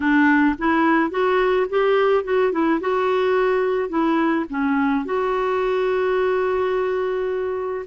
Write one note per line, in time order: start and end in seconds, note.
0.00 0.55 D4
0.58 1.10 E4
1.10 1.66 F#4
1.69 2.24 G4
2.24 2.52 F#4
2.52 2.80 E4
2.80 3.89 F#4
3.89 4.45 E4
4.49 5.05 C#4
5.05 7.85 F#4